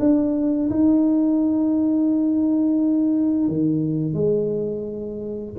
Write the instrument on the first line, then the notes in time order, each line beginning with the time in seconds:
tuba
0.00 D4
0.70 D#4
3.48 D#3
4.14 G#3